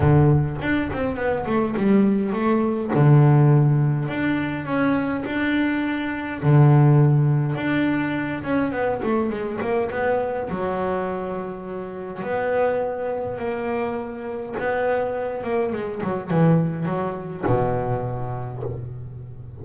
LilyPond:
\new Staff \with { instrumentName = "double bass" } { \time 4/4 \tempo 4 = 103 d4 d'8 c'8 b8 a8 g4 | a4 d2 d'4 | cis'4 d'2 d4~ | d4 d'4. cis'8 b8 a8 |
gis8 ais8 b4 fis2~ | fis4 b2 ais4~ | ais4 b4. ais8 gis8 fis8 | e4 fis4 b,2 | }